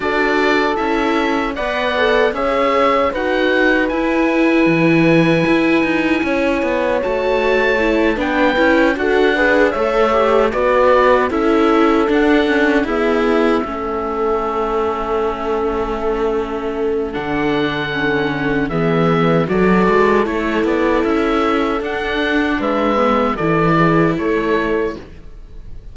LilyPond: <<
  \new Staff \with { instrumentName = "oboe" } { \time 4/4 \tempo 4 = 77 d''4 e''4 fis''4 e''4 | fis''4 gis''2.~ | gis''4 a''4. g''4 fis''8~ | fis''8 e''4 d''4 e''4 fis''8~ |
fis''8 e''2.~ e''8~ | e''2 fis''2 | e''4 d''4 cis''8 d''8 e''4 | fis''4 e''4 d''4 cis''4 | }
  \new Staff \with { instrumentName = "horn" } { \time 4/4 a'2 d''4 cis''4 | b'1 | cis''2~ cis''8 b'4 a'8 | b'8 cis''4 b'4 a'4.~ |
a'8 gis'4 a'2~ a'8~ | a'1 | gis'4 a'2.~ | a'4 b'4 a'8 gis'8 a'4 | }
  \new Staff \with { instrumentName = "viola" } { \time 4/4 fis'4 e'4 b'8 a'8 gis'4 | fis'4 e'2.~ | e'4 fis'4 e'8 d'8 e'8 fis'8 | gis'8 a'8 g'8 fis'4 e'4 d'8 |
cis'8 b4 cis'2~ cis'8~ | cis'2 d'4 cis'4 | b4 fis'4 e'2 | d'4. b8 e'2 | }
  \new Staff \with { instrumentName = "cello" } { \time 4/4 d'4 cis'4 b4 cis'4 | dis'4 e'4 e4 e'8 dis'8 | cis'8 b8 a4. b8 cis'8 d'8~ | d'8 a4 b4 cis'4 d'8~ |
d'8 e'4 a2~ a8~ | a2 d2 | e4 fis8 gis8 a8 b8 cis'4 | d'4 gis4 e4 a4 | }
>>